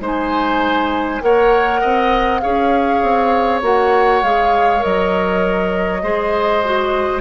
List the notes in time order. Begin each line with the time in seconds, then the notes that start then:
0.00 G#3 D#4 C5 G#5
1.21 A#3 A#4 C#5 F#5
1.80 C4 D#5
2.40 C#4 G#4 C#5 F5
3.02 C4
3.62 A#3 F#4 F#5
4.22 G#3 G#4 F5
4.79 F#3 A#4 D#5
6.03 G#3 G#4 C5
6.64 F#4